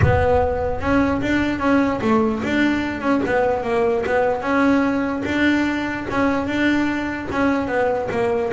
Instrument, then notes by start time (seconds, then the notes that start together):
double bass
0.02 B3
0.80 C#4
1.21 D4
1.59 C#4
2.01 A3
2.43 D4
3.00 C#4
3.25 B3
3.63 A#3
4.05 B3
4.41 C#4
5.25 D4
6.10 C#4
6.46 D4
7.31 C#4
7.67 B3
8.11 A#3